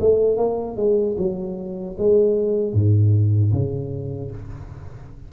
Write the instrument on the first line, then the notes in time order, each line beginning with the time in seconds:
tuba
0.00 A3
0.37 A#3
0.76 G#3
1.17 F#3
1.98 G#3
2.73 G#2
3.52 C#3